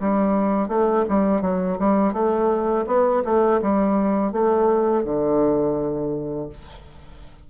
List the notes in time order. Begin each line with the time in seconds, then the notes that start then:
0.00 G3
0.68 A3
1.08 G3
1.41 F#3
1.79 G3
2.13 A3
2.86 B3
3.24 A3
3.61 G3
4.32 A3
5.04 D3